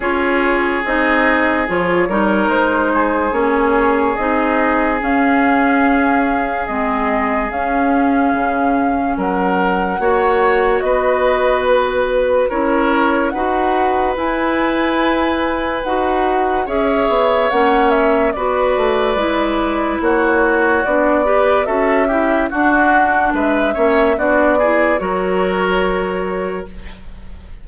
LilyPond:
<<
  \new Staff \with { instrumentName = "flute" } { \time 4/4 \tempo 4 = 72 cis''4 dis''4 cis''4 c''4 | cis''4 dis''4 f''2 | dis''4 f''2 fis''4~ | fis''4 dis''4 b'4 cis''4 |
fis''4 gis''2 fis''4 | e''4 fis''8 e''8 d''2 | cis''4 d''4 e''4 fis''4 | e''4 d''4 cis''2 | }
  \new Staff \with { instrumentName = "oboe" } { \time 4/4 gis'2~ gis'8 ais'4 gis'8~ | gis'1~ | gis'2. ais'4 | cis''4 b'2 ais'4 |
b'1 | cis''2 b'2 | fis'4. b'8 a'8 g'8 fis'4 | b'8 cis''8 fis'8 gis'8 ais'2 | }
  \new Staff \with { instrumentName = "clarinet" } { \time 4/4 f'4 dis'4 f'8 dis'4. | cis'4 dis'4 cis'2 | c'4 cis'2. | fis'2. e'4 |
fis'4 e'2 fis'4 | gis'4 cis'4 fis'4 e'4~ | e'4 d'8 g'8 fis'8 e'8 d'4~ | d'8 cis'8 d'8 e'8 fis'2 | }
  \new Staff \with { instrumentName = "bassoon" } { \time 4/4 cis'4 c'4 f8 g8 gis4 | ais4 c'4 cis'2 | gis4 cis'4 cis4 fis4 | ais4 b2 cis'4 |
dis'4 e'2 dis'4 | cis'8 b8 ais4 b8 a8 gis4 | ais4 b4 cis'4 d'4 | gis8 ais8 b4 fis2 | }
>>